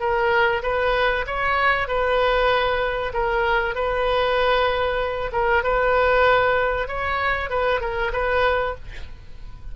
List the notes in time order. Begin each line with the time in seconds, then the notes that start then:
0.00 A#4
0.63 B4
1.27 C#5
1.88 B4
3.14 A#4
3.75 B4
5.32 A#4
5.64 B4
6.88 C#5
7.50 B4
7.81 A#4
8.13 B4